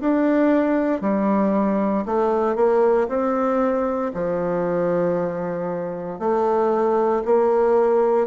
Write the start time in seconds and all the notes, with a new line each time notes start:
0.00 D4
1.01 G3
2.05 A3
2.55 A#3
3.08 C4
4.14 F3
6.19 A3
7.25 A#3